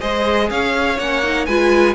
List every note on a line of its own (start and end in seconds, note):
0.00 0.50 G#3
0.00 0.98 G#4
0.00 0.49 C5
0.00 0.49 D#5
0.50 0.98 C#4
0.50 1.47 C#5
0.50 0.99 F5
0.98 1.47 A#3
0.98 1.23 C#4
0.98 1.46 F#5
1.23 1.48 D#4
1.46 1.95 G#3
1.46 1.95 F4
1.46 1.95 B4
1.46 1.95 G#5